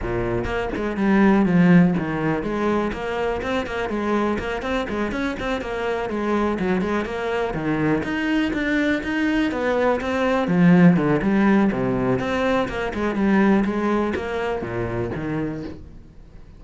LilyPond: \new Staff \with { instrumentName = "cello" } { \time 4/4 \tempo 4 = 123 ais,4 ais8 gis8 g4 f4 | dis4 gis4 ais4 c'8 ais8 | gis4 ais8 c'8 gis8 cis'8 c'8 ais8~ | ais8 gis4 fis8 gis8 ais4 dis8~ |
dis8 dis'4 d'4 dis'4 b8~ | b8 c'4 f4 d8 g4 | c4 c'4 ais8 gis8 g4 | gis4 ais4 ais,4 dis4 | }